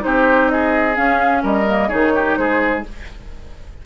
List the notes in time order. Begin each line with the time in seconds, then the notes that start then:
0.00 D#4 G4 C5
0.06 C4
0.49 G#4 D#5
0.96 C#4 F5
1.43 G3 A#4 D#5
1.67 A#3
1.89 D#3 D#4 G#4 C#5
2.15 G4
2.37 G#3 G#4 C5